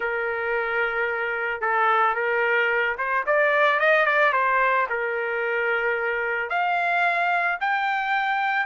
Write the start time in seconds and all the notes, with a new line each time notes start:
0.00 A#4
1.61 A4
2.14 A#4
2.98 C5
3.26 D5
3.79 D#5
4.06 D5
4.32 C5
4.89 A#4
6.49 F5
7.60 G5